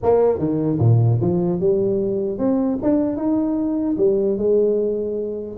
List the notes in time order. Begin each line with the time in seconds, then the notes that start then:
0.02 A#3
0.38 D#3
0.79 A#2
1.20 F3
1.60 G3
2.38 C4
2.82 D4
3.16 D#4
3.97 G3
4.37 G#3